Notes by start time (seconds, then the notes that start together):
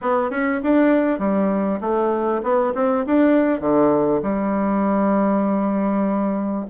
0.01 B3
0.30 C#4
0.63 D4
1.18 G3
1.80 A3
2.43 B3
2.74 C4
3.06 D4
3.60 D3
4.22 G3